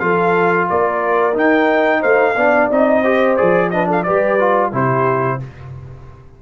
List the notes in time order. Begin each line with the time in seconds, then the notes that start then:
0.00 F3 F4 A4 F5
0.70 A#3 A#4 D5
1.34 D#4 G5
2.01 A3 C5 F5
2.36 B3 D4 D5
2.71 C4 D#4 D#5
3.02 G4 C5
3.37 F3 G#4 D5
3.71 D4 B4 D#5
3.88 A4 F5
4.04 G3 G4 B4 D5
4.40 F4
4.73 C3 E4 G4 C5